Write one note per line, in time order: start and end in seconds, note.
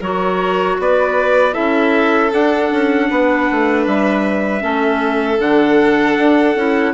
0.00 0.77 F#3
0.00 1.52 F#4
0.00 0.77 A#4
0.00 0.79 C#5
0.79 1.56 B3
0.79 1.54 B4
0.79 1.53 D5
1.52 2.32 C#4
1.52 2.29 E4
1.52 3.08 A4
1.52 2.30 E5
2.31 4.60 D4
2.31 2.71 D4
2.31 3.87 F#5
2.71 3.10 C#4
3.09 3.49 B3
3.09 4.62 B4
3.51 3.86 A3
3.86 4.62 G3
3.86 5.40 E5
4.60 5.39 A3
4.60 5.37 C#4
4.60 6.93 A4
5.39 6.16 D3
5.39 6.54 D4
5.39 6.94 F#5
6.18 6.55 D4
6.55 6.94 C#4
6.55 6.94 E4